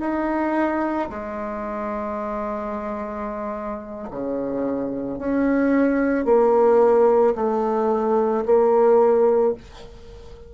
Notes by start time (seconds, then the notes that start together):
0.00 D#4
1.10 G#3
4.11 C#3
5.19 C#4
6.25 A#3
7.35 A3
8.45 A#3